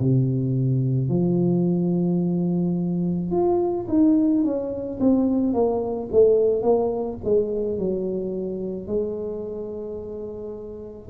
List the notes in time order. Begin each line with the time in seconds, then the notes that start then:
0.00 C3
1.10 F3
3.32 F4
3.89 D#4
4.44 C#4
5.01 C4
5.54 A#3
6.12 A3
6.63 A#3
7.25 G#3
7.79 F#3
8.87 G#3